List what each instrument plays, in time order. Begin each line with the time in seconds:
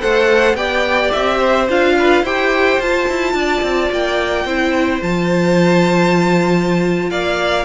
0.00 cello A3, viola A4, violin C5 F#5
0.55 cello B3, viola G4, violin D5 G5
1.12 cello C4, violin E5
1.39 violin C5
1.70 cello D4, viola F4, violin F5
1.99 violin B4
2.23 cello E4, viola G4, violin C5 G5
2.80 cello F4, viola F4, violin A5
3.09 cello E4
3.34 cello D4, violin D5
3.62 cello C4
3.92 cello A#3, violin G5
4.45 cello C4, viola E4, violin C5
5.02 cello F3, viola F4, violin A5
7.10 cello A#3, violin D5 F5